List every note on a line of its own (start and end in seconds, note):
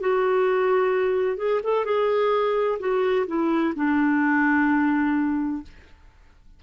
0.00 1.37 F#4
1.37 1.60 G#4
1.63 1.85 A4
1.85 2.79 G#4
2.79 3.26 F#4
3.27 3.74 E4
3.75 5.62 D4